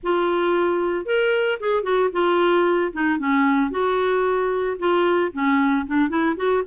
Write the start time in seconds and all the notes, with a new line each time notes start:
0.03 F4
1.05 A#4
1.59 G#4
1.83 F#4
2.12 F4
2.92 D#4
3.19 C#4
3.70 F#4
4.79 F4
5.32 C#4
5.86 D4
6.09 E4
6.36 F#4